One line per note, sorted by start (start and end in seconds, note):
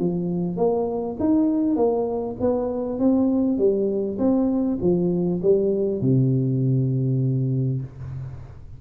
0.00 0.57 F3
0.57 1.17 A#3
1.20 1.76 D#4
1.76 2.36 A#3
2.41 3.00 B3
3.00 3.59 C4
3.59 4.19 G3
4.19 4.79 C4
4.82 5.42 F3
5.42 6.02 G3
6.02 7.82 C3